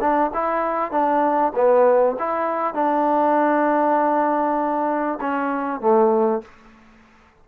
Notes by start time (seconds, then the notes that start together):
0.00 D4
0.34 E4
0.91 D4
1.54 B3
2.19 E4
2.74 D4
5.20 C#4
5.80 A3